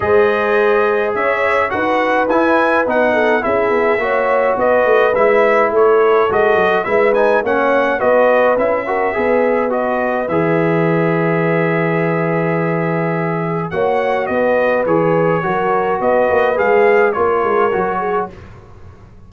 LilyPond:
<<
  \new Staff \with { instrumentName = "trumpet" } { \time 4/4 \tempo 4 = 105 dis''2 e''4 fis''4 | gis''4 fis''4 e''2 | dis''4 e''4 cis''4 dis''4 | e''8 gis''8 fis''4 dis''4 e''4~ |
e''4 dis''4 e''2~ | e''1 | fis''4 dis''4 cis''2 | dis''4 f''4 cis''2 | }
  \new Staff \with { instrumentName = "horn" } { \time 4/4 c''2 cis''4 b'4~ | b'4. a'8 gis'4 cis''4 | b'2 a'2 | b'4 cis''4 b'4. ais'8 |
b'1~ | b'1 | cis''4 b'2 ais'4 | b'2 ais'4. gis'8 | }
  \new Staff \with { instrumentName = "trombone" } { \time 4/4 gis'2. fis'4 | e'4 dis'4 e'4 fis'4~ | fis'4 e'2 fis'4 | e'8 dis'8 cis'4 fis'4 e'8 fis'8 |
gis'4 fis'4 gis'2~ | gis'1 | fis'2 gis'4 fis'4~ | fis'4 gis'4 f'4 fis'4 | }
  \new Staff \with { instrumentName = "tuba" } { \time 4/4 gis2 cis'4 dis'4 | e'4 b4 cis'8 b8 ais4 | b8 a8 gis4 a4 gis8 fis8 | gis4 ais4 b4 cis'4 |
b2 e2~ | e1 | ais4 b4 e4 fis4 | b8 ais8 gis4 ais8 gis8 fis4 | }
>>